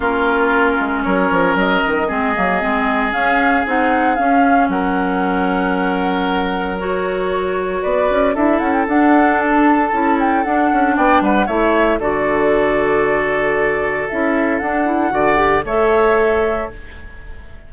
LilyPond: <<
  \new Staff \with { instrumentName = "flute" } { \time 4/4 \tempo 4 = 115 ais'2 cis''4 dis''4~ | dis''2 f''4 fis''4 | f''4 fis''2.~ | fis''4 cis''2 d''4 |
e''8 fis''16 g''16 fis''4 a''4. g''8 | fis''4 g''8 fis''8 e''4 d''4~ | d''2. e''4 | fis''2 e''2 | }
  \new Staff \with { instrumentName = "oboe" } { \time 4/4 f'2 ais'2 | gis'1~ | gis'4 ais'2.~ | ais'2. b'4 |
a'1~ | a'4 d''8 b'8 cis''4 a'4~ | a'1~ | a'4 d''4 cis''2 | }
  \new Staff \with { instrumentName = "clarinet" } { \time 4/4 cis'1 | c'8 ais8 c'4 cis'4 dis'4 | cis'1~ | cis'4 fis'2. |
e'4 d'2 e'4 | d'2 e'4 fis'4~ | fis'2. e'4 | d'8 e'8 fis'8 g'8 a'2 | }
  \new Staff \with { instrumentName = "bassoon" } { \time 4/4 ais4. gis8 fis8 f8 fis8 dis8 | gis8 fis8 gis4 cis'4 c'4 | cis'4 fis2.~ | fis2. b8 cis'8 |
d'8 cis'8 d'2 cis'4 | d'8 cis'8 b8 g8 a4 d4~ | d2. cis'4 | d'4 d4 a2 | }
>>